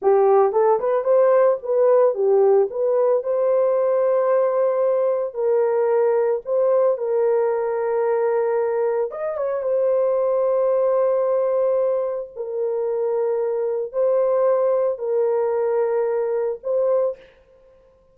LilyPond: \new Staff \with { instrumentName = "horn" } { \time 4/4 \tempo 4 = 112 g'4 a'8 b'8 c''4 b'4 | g'4 b'4 c''2~ | c''2 ais'2 | c''4 ais'2.~ |
ais'4 dis''8 cis''8 c''2~ | c''2. ais'4~ | ais'2 c''2 | ais'2. c''4 | }